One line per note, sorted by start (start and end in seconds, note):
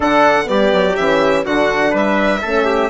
0.00 0.47 D3
0.00 0.45 D4
0.00 0.45 A4
0.00 0.48 F#5
0.45 0.72 G3
0.45 0.93 B3
0.45 1.45 G4
0.45 0.95 D5
0.72 0.97 F#3
0.95 1.45 E3
0.95 1.45 C#4
0.95 1.44 E5
1.45 1.93 D3
1.45 2.42 D4
1.45 1.90 F#4
1.45 1.94 F#5
1.90 2.41 G3
1.90 2.39 B4
1.90 2.90 E5
2.41 2.90 A3
2.41 2.90 C#4
2.41 2.65 A4
2.65 2.89 G4